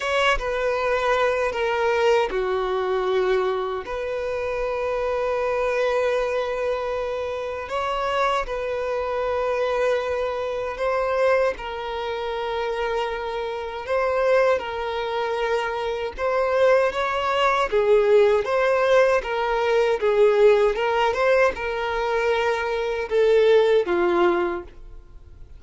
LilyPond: \new Staff \with { instrumentName = "violin" } { \time 4/4 \tempo 4 = 78 cis''8 b'4. ais'4 fis'4~ | fis'4 b'2.~ | b'2 cis''4 b'4~ | b'2 c''4 ais'4~ |
ais'2 c''4 ais'4~ | ais'4 c''4 cis''4 gis'4 | c''4 ais'4 gis'4 ais'8 c''8 | ais'2 a'4 f'4 | }